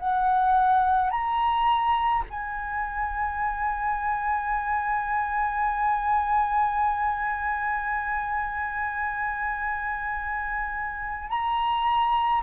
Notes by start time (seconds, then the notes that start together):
0.00 F#5
1.11 A#5
2.31 G#5
11.30 A#5